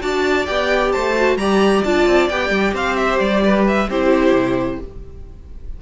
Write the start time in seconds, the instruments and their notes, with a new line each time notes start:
0.00 cello D4, viola F#4, violin D5 A5
0.45 cello B3, viola G4, violin G5
0.92 cello A3, violin C5 A5
1.16 viola F#4
1.36 cello G3, viola G4, violin D5 A#5
1.84 cello D4, viola F4, violin A5
2.06 cello C4
2.28 cello B3, viola G4, violin G5
2.49 cello G3
2.73 cello C4, violin C5 F5
2.96 violin E5
3.19 cello G3, violin D5
3.44 violin B4
3.67 violin E5
3.89 cello C4, viola E4, violin G4 C5
4.32 cello C3